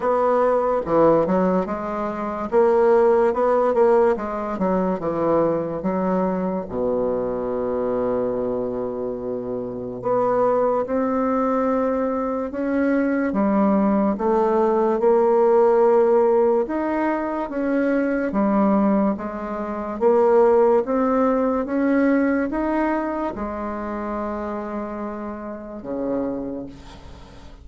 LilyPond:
\new Staff \with { instrumentName = "bassoon" } { \time 4/4 \tempo 4 = 72 b4 e8 fis8 gis4 ais4 | b8 ais8 gis8 fis8 e4 fis4 | b,1 | b4 c'2 cis'4 |
g4 a4 ais2 | dis'4 cis'4 g4 gis4 | ais4 c'4 cis'4 dis'4 | gis2. cis4 | }